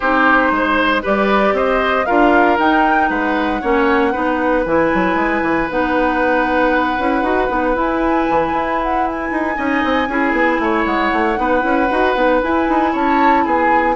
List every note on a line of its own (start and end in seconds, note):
0.00 0.51 C4
0.00 1.02 D#4
0.00 0.52 G4
0.00 1.01 C5
0.51 1.03 G#3
0.51 1.02 C5
1.02 1.52 G3
1.02 2.05 G4
1.02 1.54 B4
1.02 1.56 D5
1.52 2.04 C4
1.52 2.06 C5
1.52 2.05 D#5
2.05 2.58 D4
2.05 2.58 F4
2.05 3.09 A#4
2.05 2.57 F5
2.58 3.09 D#4
2.58 3.62 D#4
2.58 3.09 G5
3.09 3.61 G#3
3.09 3.61 B4
3.09 4.64 F#5
3.61 4.14 A#3
3.61 4.12 C#4
3.61 4.12 C#5
4.12 4.65 B3
4.12 4.64 D#4
4.12 9.55 B4
4.65 4.91 E3
4.65 5.69 E4
4.65 5.69 G#5
4.94 5.15 F#3
5.15 5.41 G#3
5.42 5.68 E3
5.69 6.98 B3
5.69 6.98 D#4
5.69 7.77 F#5
6.98 7.22 C#4
6.98 7.23 E4
7.22 7.48 D#4
7.22 7.48 F#4
7.48 7.75 B3
7.48 7.74 D#4
7.75 9.55 E4
7.75 8.26 E4
7.75 8.81 G#5
8.29 8.52 E3
8.52 9.30 E4
8.82 9.07 F#5
9.07 10.85 G#5
9.31 9.57 D#4
9.55 9.83 C#4
9.55 10.06 D#4
9.55 10.08 D#5
9.84 10.08 C4
10.08 10.32 C#4
10.08 11.36 E4
10.08 10.61 G#4
10.32 10.58 B3
10.59 10.85 A3
10.59 11.39 C#5
10.85 11.11 G#3
10.85 12.40 F#5
11.12 11.37 A3
11.36 11.63 B3
11.36 11.60 D#4
11.36 12.92 B4
11.60 11.89 C#4
11.60 11.86 E4
11.90 12.15 D#4
11.90 12.15 F#4
12.15 12.41 B3
12.15 12.41 D#4
12.42 13.96 E4
12.42 12.68 E4
12.42 12.94 G#5
12.68 12.94 D#4
12.92 13.45 C#4
12.92 13.44 C#5
12.92 13.44 A5
13.44 13.96 B3
13.44 13.96 G#4
13.44 13.96 G#5